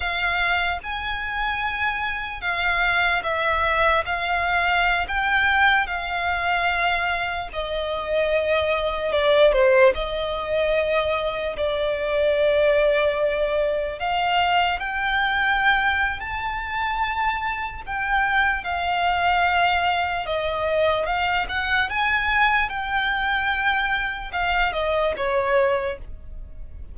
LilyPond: \new Staff \with { instrumentName = "violin" } { \time 4/4 \tempo 4 = 74 f''4 gis''2 f''4 | e''4 f''4~ f''16 g''4 f''8.~ | f''4~ f''16 dis''2 d''8 c''16~ | c''16 dis''2 d''4.~ d''16~ |
d''4~ d''16 f''4 g''4.~ g''16 | a''2 g''4 f''4~ | f''4 dis''4 f''8 fis''8 gis''4 | g''2 f''8 dis''8 cis''4 | }